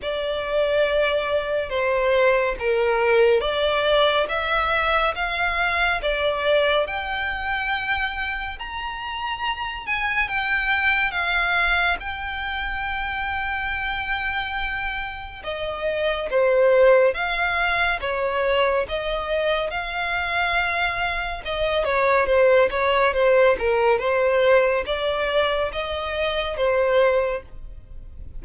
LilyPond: \new Staff \with { instrumentName = "violin" } { \time 4/4 \tempo 4 = 70 d''2 c''4 ais'4 | d''4 e''4 f''4 d''4 | g''2 ais''4. gis''8 | g''4 f''4 g''2~ |
g''2 dis''4 c''4 | f''4 cis''4 dis''4 f''4~ | f''4 dis''8 cis''8 c''8 cis''8 c''8 ais'8 | c''4 d''4 dis''4 c''4 | }